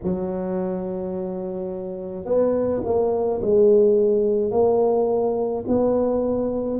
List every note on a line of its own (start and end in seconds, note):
0.03 2.25 F#3
2.25 2.81 B3
2.84 3.41 A#3
3.42 4.51 G#3
4.51 5.64 A#3
5.67 6.80 B3